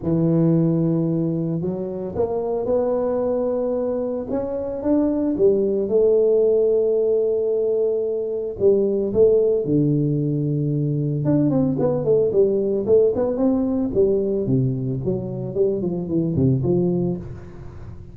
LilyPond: \new Staff \with { instrumentName = "tuba" } { \time 4/4 \tempo 4 = 112 e2. fis4 | ais4 b2. | cis'4 d'4 g4 a4~ | a1 |
g4 a4 d2~ | d4 d'8 c'8 b8 a8 g4 | a8 b8 c'4 g4 c4 | fis4 g8 f8 e8 c8 f4 | }